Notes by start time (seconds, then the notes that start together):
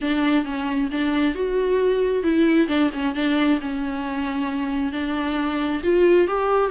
0.01 D4
0.45 C#4
0.91 D4
1.34 F#4
2.23 E4
2.68 D4
2.93 C#4
3.14 D4
3.60 C#4
4.92 D4
5.83 F4
6.27 G4